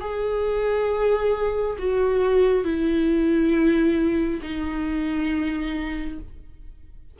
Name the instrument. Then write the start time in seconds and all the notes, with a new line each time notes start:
viola
0.00 G#4
1.78 F#4
2.64 E4
4.42 D#4